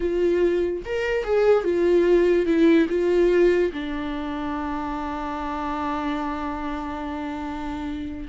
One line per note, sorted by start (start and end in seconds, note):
0.00 0.83 F4
0.85 1.24 A#4
1.24 1.64 G#4
1.64 2.46 F4
2.46 2.87 E4
2.89 3.71 F4
3.72 8.28 D4